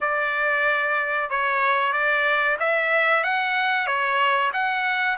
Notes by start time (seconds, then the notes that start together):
0.01 D5
1.30 C#5
1.92 D5
2.59 E5
3.23 F#5
3.87 C#5
4.53 F#5